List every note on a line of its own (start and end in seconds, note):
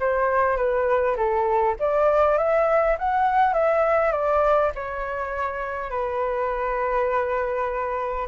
0.00 0.57 C5
0.57 1.16 B4
1.16 1.76 A4
1.80 2.38 D5
2.38 2.97 E5
2.99 3.53 F#5
3.53 4.12 E5
4.12 4.71 D5
4.75 5.90 C#5
5.90 8.28 B4